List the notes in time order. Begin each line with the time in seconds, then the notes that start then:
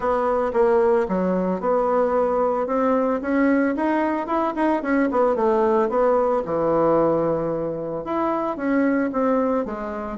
0.00 B3
0.53 A#3
1.08 F#3
1.60 B3
2.66 C4
3.21 C#4
3.75 D#4
4.26 E4
4.55 D#4
4.82 C#4
5.11 B3
5.35 A3
5.89 B3
6.45 E3
8.04 E4
8.56 C#4
9.12 C4
9.65 G#3